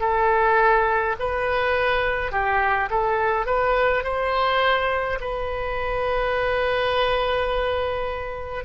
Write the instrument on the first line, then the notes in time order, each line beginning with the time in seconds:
oboe
0.00 A4
1.19 B4
2.31 G4
2.90 A4
3.46 B4
4.03 C5
5.20 B4